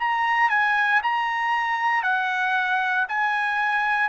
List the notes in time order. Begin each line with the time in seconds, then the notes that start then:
0.00 A#5
0.50 G#5
1.03 A#5
2.03 F#5
3.09 G#5